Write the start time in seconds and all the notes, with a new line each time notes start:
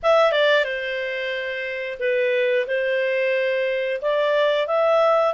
0.02 E5
0.32 D5
0.64 C5
1.99 B4
2.67 C5
4.01 D5
4.67 E5